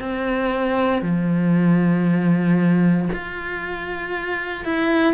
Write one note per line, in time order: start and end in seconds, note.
0.00 1.03 C4
1.03 3.09 F3
3.13 4.66 F4
4.66 5.14 E4